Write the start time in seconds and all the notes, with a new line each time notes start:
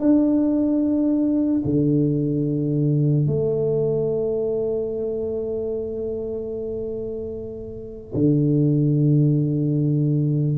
0.00 D4
1.65 D3
3.27 A3
8.14 D3